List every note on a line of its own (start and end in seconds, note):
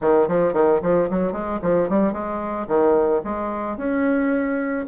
0.01 0.28 D#3
0.28 0.53 F3
0.53 0.80 D#3
0.82 1.09 F3
1.10 1.32 F#3
1.32 1.59 G#3
1.62 1.89 F3
1.89 2.12 G3
2.12 2.66 G#3
2.67 3.21 D#3
3.24 3.77 G#3
3.77 4.85 C#4